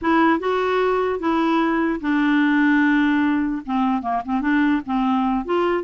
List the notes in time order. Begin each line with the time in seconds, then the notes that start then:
0.01 E4
0.39 F#4
1.19 E4
2.01 D4
3.65 C4
4.01 A#3
4.25 C4
4.41 D4
4.85 C4
5.45 F4